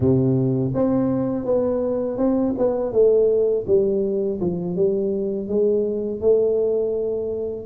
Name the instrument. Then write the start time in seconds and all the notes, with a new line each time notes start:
tuba
0.00 C3
0.74 C4
1.45 B3
2.17 C4
2.57 B3
2.92 A3
3.66 G3
4.40 F3
4.76 G3
5.48 G#3
6.20 A3